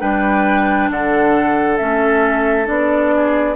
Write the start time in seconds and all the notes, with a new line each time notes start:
0.00 G3 D4 B4 G5
0.90 D3 A4 F#5
1.77 A3 C#4 E5
2.65 B3 D4 D5
3.15 G#4